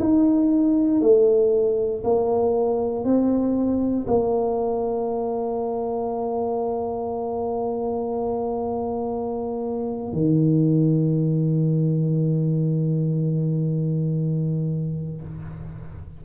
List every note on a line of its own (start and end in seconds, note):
0.00 1.01 D#4
1.01 2.03 A3
2.04 3.05 A#3
3.05 4.06 C4
4.07 10.13 A#3
10.13 15.22 D#3